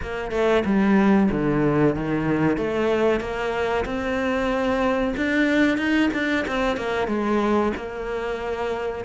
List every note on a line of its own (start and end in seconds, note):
0.01 0.31 A#3
0.31 0.63 A3
0.65 1.29 G3
1.31 1.95 D3
1.95 2.57 D#3
2.57 3.20 A3
3.20 3.84 A#3
3.85 5.14 C4
5.16 5.77 D4
5.77 6.09 D#4
6.13 6.45 D4
6.47 6.77 C4
6.77 7.07 A#3
7.07 7.72 G#3
7.76 9.04 A#3